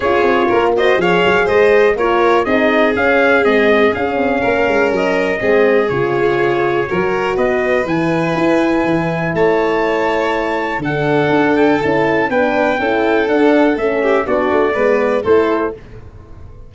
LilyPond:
<<
  \new Staff \with { instrumentName = "trumpet" } { \time 4/4 \tempo 4 = 122 cis''4. dis''8 f''4 dis''4 | cis''4 dis''4 f''4 dis''4 | f''2 dis''2 | cis''2. dis''4 |
gis''2. a''4~ | a''2 fis''4. g''8 | a''4 g''2 fis''4 | e''4 d''2 c''4 | }
  \new Staff \with { instrumentName = "violin" } { \time 4/4 gis'4 ais'8 c''8 cis''4 c''4 | ais'4 gis'2.~ | gis'4 ais'2 gis'4~ | gis'2 ais'4 b'4~ |
b'2. cis''4~ | cis''2 a'2~ | a'4 b'4 a'2~ | a'8 g'8 fis'4 b'4 a'4 | }
  \new Staff \with { instrumentName = "horn" } { \time 4/4 f'4. fis'8 gis'2 | f'4 dis'4 cis'4 gis4 | cis'2. c'4 | f'2 fis'2 |
e'1~ | e'2 d'2 | e'4 d'4 e'4 d'4 | cis'4 d'4 b4 e'4 | }
  \new Staff \with { instrumentName = "tuba" } { \time 4/4 cis'8 c'8 ais4 f8 fis8 gis4 | ais4 c'4 cis'4 c'4 | cis'8 c'8 ais8 gis8 fis4 gis4 | cis2 fis4 b4 |
e4 e'4 e4 a4~ | a2 d4 d'4 | cis'4 b4 cis'4 d'4 | a4 b8 a8 gis4 a4 | }
>>